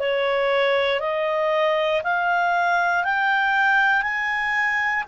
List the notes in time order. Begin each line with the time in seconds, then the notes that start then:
0.00 C#5
1.00 D#5
2.04 F5
3.05 G5
4.03 G#5